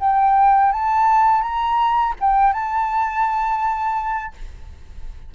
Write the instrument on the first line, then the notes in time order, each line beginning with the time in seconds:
flute
0.00 G5
0.72 A5
1.42 A#5
2.20 G5
2.53 A5